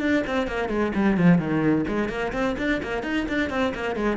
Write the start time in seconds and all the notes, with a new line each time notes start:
0.00 D4
0.26 C4
0.47 A#3
0.68 G#3
0.95 G3
1.17 F3
1.38 D#3
1.88 G#3
2.09 A#3
2.32 C4
2.58 D4
2.82 A#3
3.03 D#4
3.28 D4
3.50 C4
3.74 A#3
3.96 G#3